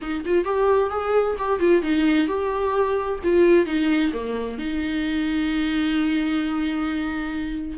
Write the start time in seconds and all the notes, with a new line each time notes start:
0.01 D#4
0.25 F4
0.45 G4
0.90 G#4
1.38 G4
1.59 F4
1.82 D#4
2.27 G4
3.23 F4
3.66 D#4
4.13 A#3
4.58 D#4